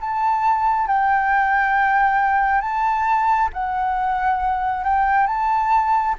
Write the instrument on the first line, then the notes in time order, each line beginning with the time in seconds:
flute
0.00 A5
0.87 G5
2.61 A5
3.53 F#5
4.84 G5
5.27 A5